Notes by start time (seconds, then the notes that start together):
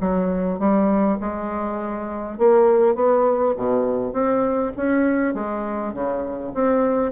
0.00 F#3
0.59 G3
1.20 G#3
2.38 A#3
2.95 B3
3.56 B2
4.13 C4
4.76 C#4
5.34 G#3
5.93 C#3
6.54 C4